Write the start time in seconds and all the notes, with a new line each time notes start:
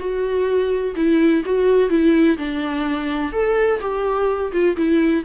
0.00 F#4
0.96 E4
1.45 F#4
1.90 E4
2.38 D4
3.32 A4
3.81 G4
4.52 F4
4.76 E4